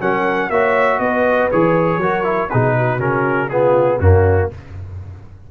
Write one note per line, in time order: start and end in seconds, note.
0.00 0.49 F#3
0.00 0.51 C#4
0.00 0.50 A#4
0.00 0.50 F#5
0.49 0.99 A#3
0.49 1.51 F#4
0.49 1.01 C#5
0.49 0.99 E5
0.99 1.49 B3
0.99 2.01 B4
0.99 1.49 D#5
1.51 1.97 E3
1.51 2.01 G#4
1.51 2.49 C#5
1.97 2.47 F#3
1.97 2.23 F#4
1.97 2.51 A#4
2.23 2.48 E4
2.49 2.98 B2
2.49 2.99 D#4
2.49 2.76 G#4
2.49 2.99 B4
2.77 3.51 F#4
2.98 3.98 C#3
2.98 3.49 C#4
2.98 3.49 A#4
3.49 4.01 B3
3.49 3.99 F4
3.49 3.99 G#4
3.99 4.49 F#2
3.99 4.51 A#3
3.99 4.49 C#4
3.99 4.50 F#4